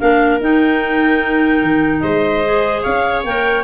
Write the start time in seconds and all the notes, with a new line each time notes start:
0.00 A#3 D4 A#4 F5
0.41 D#4 G5
1.62 D#3
2.01 G#3 C5 D#5
2.45 G#4
2.83 C#4 C#5 F5
3.24 A#3 A#4 G5